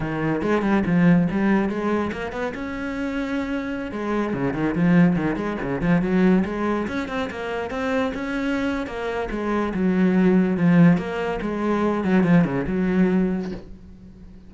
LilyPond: \new Staff \with { instrumentName = "cello" } { \time 4/4 \tempo 4 = 142 dis4 gis8 g8 f4 g4 | gis4 ais8 b8 cis'2~ | cis'4~ cis'16 gis4 cis8 dis8 f8.~ | f16 dis8 gis8 cis8 f8 fis4 gis8.~ |
gis16 cis'8 c'8 ais4 c'4 cis'8.~ | cis'4 ais4 gis4 fis4~ | fis4 f4 ais4 gis4~ | gis8 fis8 f8 cis8 fis2 | }